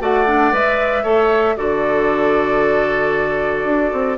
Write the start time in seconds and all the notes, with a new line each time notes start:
0.00 A3 F#4 D5 F#5
0.26 D4
0.52 G#3 B4 E5
1.03 A3 A4 C#5
1.57 D3 F#4 A4 D5
3.65 D4
3.93 C4